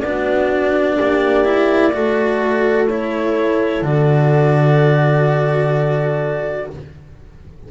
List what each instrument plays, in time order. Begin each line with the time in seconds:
0.00 double bass B3, cello D4, horn F#4, clarinet D5
0.97 double bass A#3, horn G4
1.44 cello E4
1.92 double bass A3, cello F#4, horn A4
2.90 cello E4, clarinet C#5
3.82 double bass D3, cello F#4, clarinet D5